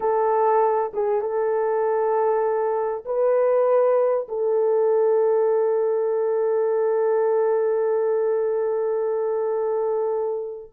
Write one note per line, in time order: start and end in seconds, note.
0.00 0.92 A4
0.93 1.21 G#4
1.21 3.04 A4
3.05 4.27 B4
4.28 10.71 A4